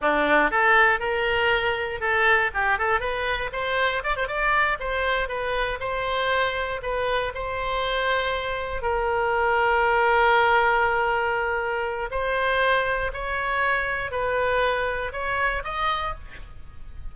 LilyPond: \new Staff \with { instrumentName = "oboe" } { \time 4/4 \tempo 4 = 119 d'4 a'4 ais'2 | a'4 g'8 a'8 b'4 c''4 | d''16 c''16 d''4 c''4 b'4 c''8~ | c''4. b'4 c''4.~ |
c''4. ais'2~ ais'8~ | ais'1 | c''2 cis''2 | b'2 cis''4 dis''4 | }